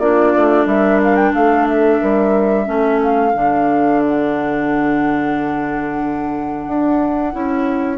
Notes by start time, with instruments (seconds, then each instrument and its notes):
0.00 bassoon A#3, clarinet D4, horn F4, flute D5
0.37 bassoon A3
0.66 bassoon G3, horn A#4, flute E5
1.03 flute F5
1.16 flute G5
1.34 bassoon A3, horn A4, flute F5
1.68 flute E5
2.01 bassoon G3, horn A#4
2.66 bassoon A3, clarinet C#4, horn A4
3.02 flute F5
3.34 bassoon D3, clarinet D4
4.03 flute F#5
6.68 bassoon D4
7.33 bassoon C#4, clarinet E4